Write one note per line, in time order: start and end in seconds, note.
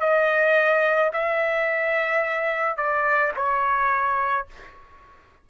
0.00 1.11 D#5
1.13 2.77 E5
2.77 3.32 D5
3.36 4.47 C#5